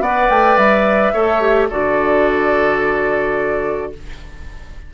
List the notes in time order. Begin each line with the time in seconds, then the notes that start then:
0.00 B3 B4 D5 F#5
0.30 A3 G5
0.57 G3 E5
1.13 A3 A4 C#5
1.41 G4
1.69 D3 F#4 A4 D5